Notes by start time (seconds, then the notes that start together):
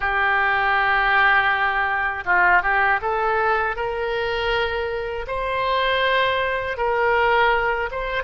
0.00 G4
2.25 F4
2.62 G4
3.01 A4
3.75 A#4
5.27 C5
6.77 A#4
7.91 C5